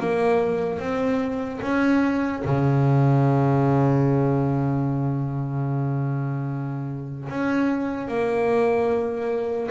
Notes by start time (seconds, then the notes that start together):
0.00 A#3
0.79 C4
1.61 C#4
2.44 C#3
7.29 C#4
8.07 A#3